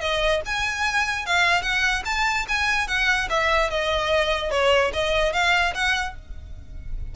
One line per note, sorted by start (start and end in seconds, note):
0.00 0.41 D#5
0.45 1.26 G#5
1.26 1.62 F5
1.62 2.03 F#5
2.05 2.46 A5
2.48 2.88 G#5
2.88 3.28 F#5
3.29 3.70 E5
3.70 4.50 D#5
4.50 4.91 C#5
4.93 5.33 D#5
5.33 5.73 F5
5.74 6.15 F#5